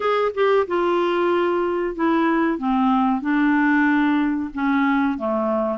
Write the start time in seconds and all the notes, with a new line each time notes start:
0.00 G#4
0.34 G4
0.67 F4
1.95 E4
2.58 C4
3.21 D4
4.53 C#4
5.18 A3